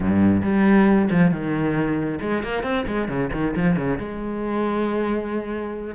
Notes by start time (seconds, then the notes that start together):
0.00 G2
0.43 G3
1.10 F3
1.31 D#3
2.21 G#3
2.43 A#3
2.63 C4
2.86 G#3
3.08 C#3
3.32 D#3
3.56 F3
3.76 C#3
3.98 G#3